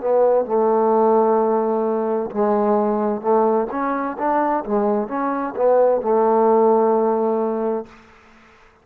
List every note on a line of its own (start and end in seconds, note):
0.00 0.45 B3
0.45 2.30 A3
2.31 3.21 G#3
3.21 3.67 A3
3.70 4.17 C#4
4.18 4.64 D4
4.65 5.08 G#3
5.08 5.54 C#4
5.56 6.01 B3
6.01 7.85 A3